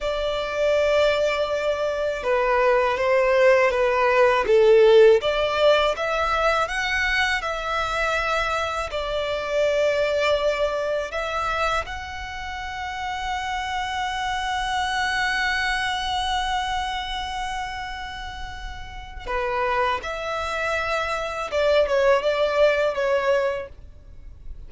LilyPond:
\new Staff \with { instrumentName = "violin" } { \time 4/4 \tempo 4 = 81 d''2. b'4 | c''4 b'4 a'4 d''4 | e''4 fis''4 e''2 | d''2. e''4 |
fis''1~ | fis''1~ | fis''2 b'4 e''4~ | e''4 d''8 cis''8 d''4 cis''4 | }